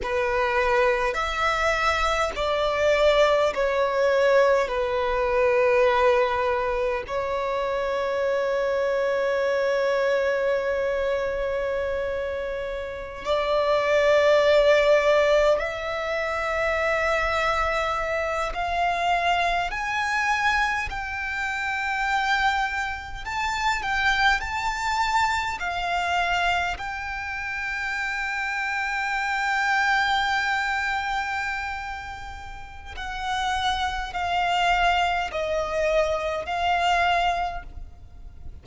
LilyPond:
\new Staff \with { instrumentName = "violin" } { \time 4/4 \tempo 4 = 51 b'4 e''4 d''4 cis''4 | b'2 cis''2~ | cis''2.~ cis''16 d''8.~ | d''4~ d''16 e''2~ e''8 f''16~ |
f''8. gis''4 g''2 a''16~ | a''16 g''8 a''4 f''4 g''4~ g''16~ | g''1 | fis''4 f''4 dis''4 f''4 | }